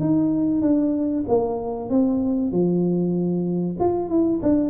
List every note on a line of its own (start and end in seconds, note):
0.00 0.62 D#4
0.62 1.24 D4
1.28 1.90 A#3
1.90 2.51 C4
2.51 3.76 F3
3.80 4.09 F4
4.09 4.40 E4
4.42 4.70 D4